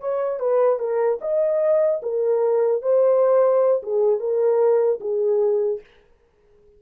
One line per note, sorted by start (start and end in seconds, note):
0.00 0.40 C#5
0.40 0.79 B4
0.79 1.19 A#4
1.21 2.01 D#5
2.02 2.82 A#4
2.82 3.82 C5
3.83 4.19 G#4
4.19 4.99 A#4
5.00 5.80 G#4